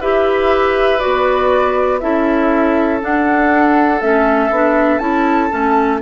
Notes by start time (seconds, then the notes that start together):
0.00 E4 G4 B4 E5
0.99 B3 F#4 D5
2.00 C#4 E4 A4 E5
3.01 D4 F#5
4.01 A3 C#4 E5
4.50 B3 D4
4.99 C#4 E4 A5
5.50 A3 C#4